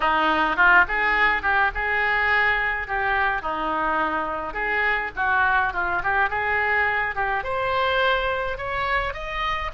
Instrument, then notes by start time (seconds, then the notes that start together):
oboe
0.00 D#4
0.56 F4
0.88 G#4
1.42 G4
1.74 G#4
2.87 G4
3.42 D#4
4.53 G#4
5.16 F#4
5.73 F4
6.03 G4
6.29 G#4
7.15 G4
7.43 C5
8.57 C#5
9.13 D#5